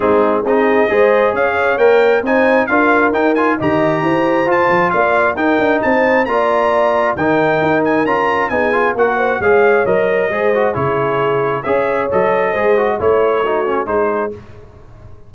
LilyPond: <<
  \new Staff \with { instrumentName = "trumpet" } { \time 4/4 \tempo 4 = 134 gis'4 dis''2 f''4 | g''4 gis''4 f''4 g''8 gis''8 | ais''2 a''4 f''4 | g''4 a''4 ais''2 |
g''4. gis''8 ais''4 gis''4 | fis''4 f''4 dis''2 | cis''2 e''4 dis''4~ | dis''4 cis''2 c''4 | }
  \new Staff \with { instrumentName = "horn" } { \time 4/4 dis'4 gis'4 c''4 cis''4~ | cis''4 c''4 ais'2 | dis''4 c''2 d''4 | ais'4 c''4 d''2 |
ais'2. gis'4 | ais'8 c''8 cis''2 c''4 | gis'2 cis''2 | c''4 cis''4 fis'4 gis'4 | }
  \new Staff \with { instrumentName = "trombone" } { \time 4/4 c'4 dis'4 gis'2 | ais'4 dis'4 f'4 dis'8 f'8 | g'2 f'2 | dis'2 f'2 |
dis'2 f'4 dis'8 f'8 | fis'4 gis'4 ais'4 gis'8 fis'8 | e'2 gis'4 a'4 | gis'8 fis'8 e'4 dis'8 cis'8 dis'4 | }
  \new Staff \with { instrumentName = "tuba" } { \time 4/4 gis4 c'4 gis4 cis'4 | ais4 c'4 d'4 dis'4 | dis4 e'4 f'8 f8 ais4 | dis'8 d'8 c'4 ais2 |
dis4 dis'4 cis'4 b4 | ais4 gis4 fis4 gis4 | cis2 cis'4 fis4 | gis4 a2 gis4 | }
>>